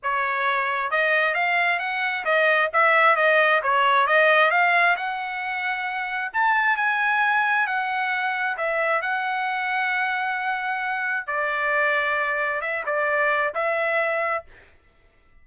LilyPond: \new Staff \with { instrumentName = "trumpet" } { \time 4/4 \tempo 4 = 133 cis''2 dis''4 f''4 | fis''4 dis''4 e''4 dis''4 | cis''4 dis''4 f''4 fis''4~ | fis''2 a''4 gis''4~ |
gis''4 fis''2 e''4 | fis''1~ | fis''4 d''2. | e''8 d''4. e''2 | }